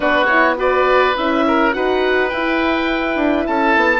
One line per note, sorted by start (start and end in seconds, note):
0.00 1.15 B3
0.00 0.28 D4
0.00 0.55 F#4
0.00 0.25 B4
0.25 0.56 E4
0.25 0.54 C#5
0.56 1.14 F#4
0.56 1.45 B4
0.56 1.17 D5
1.15 1.75 C#4
1.15 1.72 E4
1.15 1.72 E5
1.47 1.75 A#4
1.72 2.32 D#4
1.72 2.30 F#4
1.72 3.48 B4
1.72 2.29 F#5
2.29 3.15 E4
2.29 4.00 E4
2.29 3.44 G5
3.15 3.44 D4
3.46 3.76 C#4
3.46 4.00 A4
3.46 4.00 A5
3.76 4.00 B3